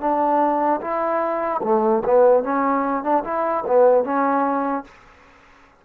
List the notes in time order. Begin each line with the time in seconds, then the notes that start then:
0.00 D4
0.81 E4
1.63 A3
2.04 B3
2.43 C#4
3.03 D4
3.24 E4
3.67 B3
4.04 C#4